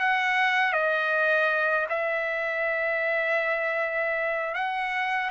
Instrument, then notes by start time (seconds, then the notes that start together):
trumpet
0.00 F#5
0.73 D#5
1.90 E5
4.55 F#5